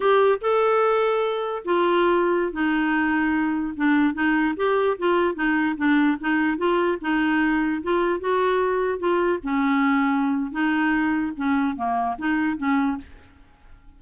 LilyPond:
\new Staff \with { instrumentName = "clarinet" } { \time 4/4 \tempo 4 = 148 g'4 a'2. | f'2~ f'16 dis'4.~ dis'16~ | dis'4~ dis'16 d'4 dis'4 g'8.~ | g'16 f'4 dis'4 d'4 dis'8.~ |
dis'16 f'4 dis'2 f'8.~ | f'16 fis'2 f'4 cis'8.~ | cis'2 dis'2 | cis'4 ais4 dis'4 cis'4 | }